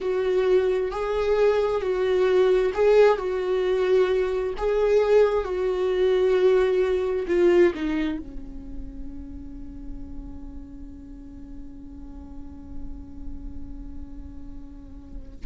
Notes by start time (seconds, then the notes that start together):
0.00 F#4
0.91 G#4
1.81 F#4
2.74 G#4
3.17 F#4
4.57 G#4
5.44 F#4
7.27 F4
7.74 D#4
8.19 C#4